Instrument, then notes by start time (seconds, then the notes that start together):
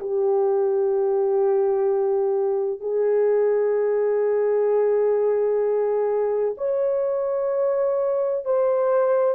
horn
0.00 G4
2.80 G#4
6.58 C#5
8.45 C5